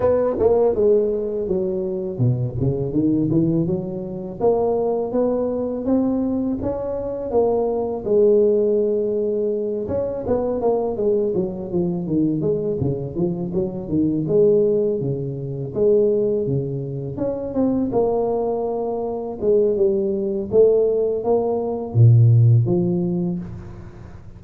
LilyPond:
\new Staff \with { instrumentName = "tuba" } { \time 4/4 \tempo 4 = 82 b8 ais8 gis4 fis4 b,8 cis8 | dis8 e8 fis4 ais4 b4 | c'4 cis'4 ais4 gis4~ | gis4. cis'8 b8 ais8 gis8 fis8 |
f8 dis8 gis8 cis8 f8 fis8 dis8 gis8~ | gis8 cis4 gis4 cis4 cis'8 | c'8 ais2 gis8 g4 | a4 ais4 ais,4 f4 | }